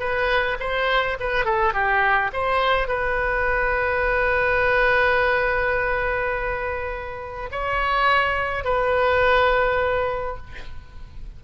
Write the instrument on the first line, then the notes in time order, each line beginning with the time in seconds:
oboe
0.00 B4
0.60 C5
1.20 B4
1.45 A4
1.74 G4
2.33 C5
2.88 B4
7.52 C#5
8.64 B4